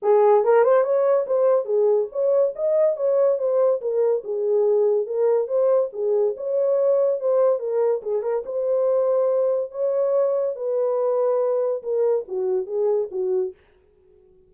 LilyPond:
\new Staff \with { instrumentName = "horn" } { \time 4/4 \tempo 4 = 142 gis'4 ais'8 c''8 cis''4 c''4 | gis'4 cis''4 dis''4 cis''4 | c''4 ais'4 gis'2 | ais'4 c''4 gis'4 cis''4~ |
cis''4 c''4 ais'4 gis'8 ais'8 | c''2. cis''4~ | cis''4 b'2. | ais'4 fis'4 gis'4 fis'4 | }